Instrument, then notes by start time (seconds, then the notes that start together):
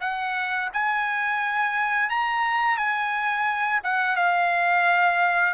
trumpet
0.00 F#5
0.73 G#5
2.09 A#5
2.76 G#5
3.83 F#5
4.16 F5